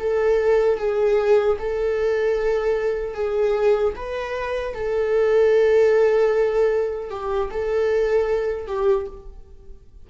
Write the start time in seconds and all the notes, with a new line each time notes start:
0.00 A4
0.79 G#4
1.59 A4
3.15 G#4
3.97 B4
4.75 A4
7.11 G4
7.51 A4
8.68 G4